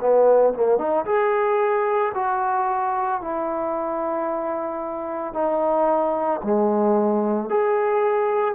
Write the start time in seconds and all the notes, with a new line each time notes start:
0.00 B3
0.54 A#3
0.78 D#4
1.05 G#4
2.14 F#4
3.21 E4
5.33 D#4
6.43 G#3
7.50 G#4